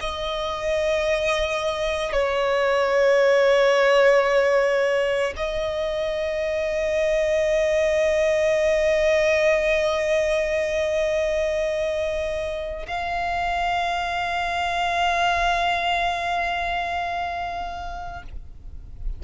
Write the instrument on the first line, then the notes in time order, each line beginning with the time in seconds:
violin
0.00 D#5
2.12 C#5
5.36 D#5
12.87 F5